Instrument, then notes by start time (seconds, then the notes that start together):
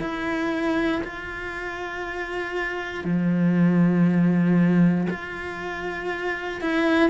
cello
0.00 E4
1.04 F4
3.04 F3
5.10 F4
6.61 E4